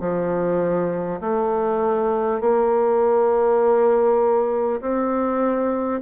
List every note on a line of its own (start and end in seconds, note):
0.00 1.20 F3
1.21 2.41 A3
2.41 4.81 A#3
4.81 6.01 C4